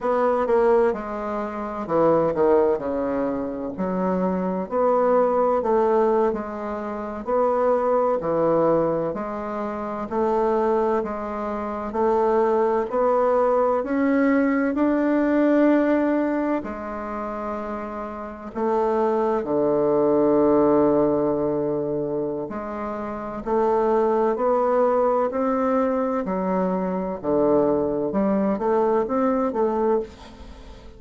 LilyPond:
\new Staff \with { instrumentName = "bassoon" } { \time 4/4 \tempo 4 = 64 b8 ais8 gis4 e8 dis8 cis4 | fis4 b4 a8. gis4 b16~ | b8. e4 gis4 a4 gis16~ | gis8. a4 b4 cis'4 d'16~ |
d'4.~ d'16 gis2 a16~ | a8. d2.~ d16 | gis4 a4 b4 c'4 | fis4 d4 g8 a8 c'8 a8 | }